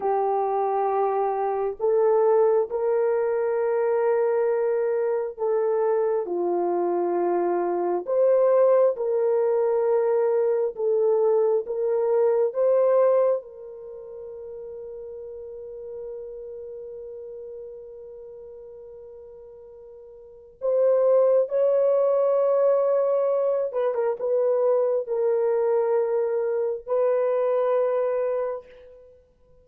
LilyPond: \new Staff \with { instrumentName = "horn" } { \time 4/4 \tempo 4 = 67 g'2 a'4 ais'4~ | ais'2 a'4 f'4~ | f'4 c''4 ais'2 | a'4 ais'4 c''4 ais'4~ |
ais'1~ | ais'2. c''4 | cis''2~ cis''8 b'16 ais'16 b'4 | ais'2 b'2 | }